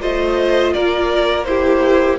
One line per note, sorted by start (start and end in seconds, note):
0.00 0.74 A3
0.00 1.45 F4
0.00 0.73 C5
0.00 0.73 D#5
0.73 2.19 A#3
0.73 1.46 A#4
0.73 1.44 D5
1.44 2.19 E4
1.44 2.19 G4
1.44 2.16 C5